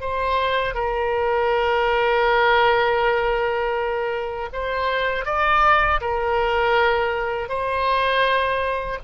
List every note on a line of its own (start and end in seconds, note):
0.00 0.74 C5
0.74 4.49 A#4
4.53 5.25 C5
5.25 6.00 D5
6.00 7.48 A#4
7.48 8.98 C5